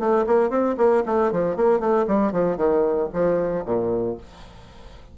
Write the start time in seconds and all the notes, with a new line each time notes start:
0.00 A3
0.27 A#3
0.50 C4
0.78 A#3
1.06 A3
1.32 F3
1.57 A#3
1.80 A3
2.08 G3
2.33 F3
2.57 D#3
3.14 F3
3.66 A#2